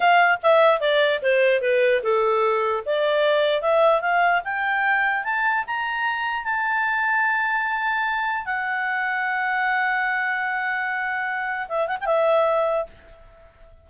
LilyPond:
\new Staff \with { instrumentName = "clarinet" } { \time 4/4 \tempo 4 = 149 f''4 e''4 d''4 c''4 | b'4 a'2 d''4~ | d''4 e''4 f''4 g''4~ | g''4 a''4 ais''2 |
a''1~ | a''4 fis''2.~ | fis''1~ | fis''4 e''8 fis''16 g''16 e''2 | }